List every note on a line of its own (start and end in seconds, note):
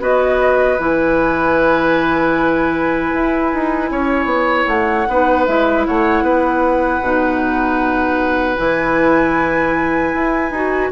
0.00 0.78 B3
0.00 0.78 F#4
0.00 3.90 B4
0.00 0.79 D#5
0.79 3.13 E3
0.79 5.08 E4
0.79 4.67 G#5
3.14 3.53 E4
3.54 3.91 D#4
3.91 4.25 C#4
3.91 5.08 C#5
4.25 4.64 B3
4.67 5.06 A3
4.67 5.45 F#5
5.08 5.47 B3
5.08 5.48 D#4
5.08 5.87 B4
5.46 5.87 G#3
5.46 7.03 E4
5.46 5.85 E5
5.86 6.22 A3
5.86 6.24 C#5
5.86 8.57 F#5
6.22 7.00 B3
6.22 10.91 B4
7.02 8.57 B2
7.02 8.57 D#4
8.57 10.14 E3
8.57 10.51 E4
8.57 10.91 G#5
10.14 10.51 E4
10.51 10.90 D#4
10.51 10.92 F#4